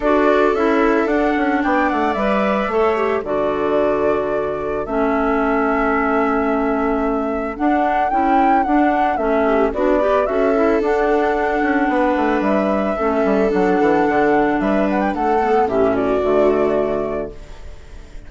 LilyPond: <<
  \new Staff \with { instrumentName = "flute" } { \time 4/4 \tempo 4 = 111 d''4 e''4 fis''4 g''8 fis''8 | e''2 d''2~ | d''4 e''2.~ | e''2 fis''4 g''4 |
fis''4 e''4 d''4 e''4 | fis''2. e''4~ | e''4 fis''2 e''8 fis''16 g''16 | fis''4 e''8 d''2~ d''8 | }
  \new Staff \with { instrumentName = "viola" } { \time 4/4 a'2. d''4~ | d''4 cis''4 a'2~ | a'1~ | a'1~ |
a'4. g'8 fis'8 b'8 a'4~ | a'2 b'2 | a'2. b'4 | a'4 g'8 fis'2~ fis'8 | }
  \new Staff \with { instrumentName = "clarinet" } { \time 4/4 fis'4 e'4 d'2 | b'4 a'8 g'8 fis'2~ | fis'4 cis'2.~ | cis'2 d'4 e'4 |
d'4 cis'4 d'8 g'8 fis'8 e'8 | d'1 | cis'4 d'2.~ | d'8 b8 cis'4 a2 | }
  \new Staff \with { instrumentName = "bassoon" } { \time 4/4 d'4 cis'4 d'8 cis'8 b8 a8 | g4 a4 d2~ | d4 a2.~ | a2 d'4 cis'4 |
d'4 a4 b4 cis'4 | d'4. cis'8 b8 a8 g4 | a8 g8 fis8 e8 d4 g4 | a4 a,4 d2 | }
>>